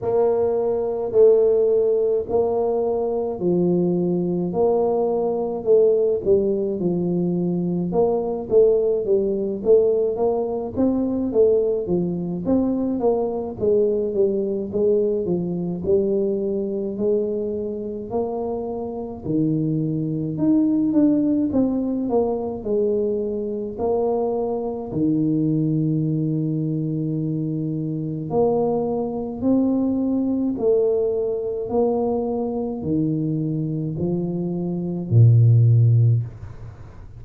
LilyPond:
\new Staff \with { instrumentName = "tuba" } { \time 4/4 \tempo 4 = 53 ais4 a4 ais4 f4 | ais4 a8 g8 f4 ais8 a8 | g8 a8 ais8 c'8 a8 f8 c'8 ais8 | gis8 g8 gis8 f8 g4 gis4 |
ais4 dis4 dis'8 d'8 c'8 ais8 | gis4 ais4 dis2~ | dis4 ais4 c'4 a4 | ais4 dis4 f4 ais,4 | }